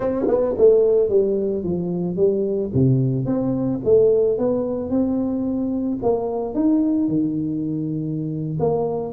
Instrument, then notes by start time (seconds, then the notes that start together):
tuba
0.00 C4
0.27 B3
0.57 A3
1.09 G3
1.63 F3
2.16 G3
2.73 C3
3.25 C4
3.84 A3
4.38 B3
4.89 C4
6.02 A#3
6.54 D#4
7.08 D#3
8.59 A#3